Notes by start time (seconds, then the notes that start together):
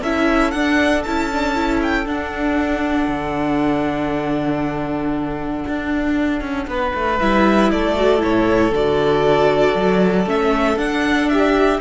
0.00 C#4 E4 A4 E5
0.51 D4 F#5
1.03 C#4 E4 A5
1.32 D4
1.55 E4
1.83 G5
2.05 D4 F#5
3.08 D3
5.68 D4
6.41 C#4
6.67 B3 B4
6.95 A3
7.19 G3 E4 E5
7.71 A3 A4 D5
7.96 F#4
8.18 E4 C#5
8.25 A2
8.72 D3 F#4 D5
9.75 F#3
10.26 A3 C#4 E5
10.76 D4 F#5
11.29 G4 E5